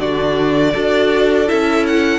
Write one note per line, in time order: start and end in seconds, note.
0.00 0.74 D3
0.00 0.75 D4
0.00 0.74 F#4
0.00 1.49 D5
0.74 1.51 D4
0.74 1.48 F#4
0.74 2.20 A4
1.48 2.20 C#4
1.48 2.20 E4
1.48 1.86 E5
1.87 2.20 F#5